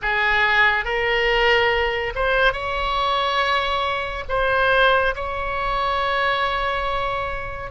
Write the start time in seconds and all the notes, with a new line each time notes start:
0.02 G#4
0.84 A#4
2.15 C5
2.52 C#5
4.29 C5
5.15 C#5